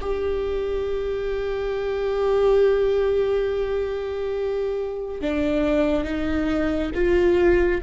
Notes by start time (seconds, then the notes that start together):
0.00 G4
5.21 D4
6.04 D#4
6.94 F4